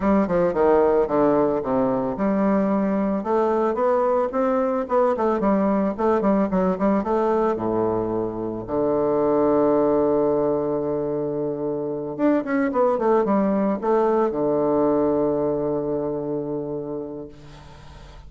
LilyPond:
\new Staff \with { instrumentName = "bassoon" } { \time 4/4 \tempo 4 = 111 g8 f8 dis4 d4 c4 | g2 a4 b4 | c'4 b8 a8 g4 a8 g8 | fis8 g8 a4 a,2 |
d1~ | d2~ d8 d'8 cis'8 b8 | a8 g4 a4 d4.~ | d1 | }